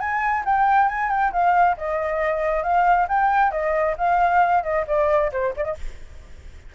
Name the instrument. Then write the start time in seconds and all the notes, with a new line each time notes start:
flute
0.00 G#5
0.46 G5
0.89 G#5
1.10 G5
1.33 F5
1.77 D#5
2.63 F5
3.09 G5
3.52 D#5
3.98 F5
4.63 D#5
4.87 D5
5.32 C5
5.57 D5
5.64 D#5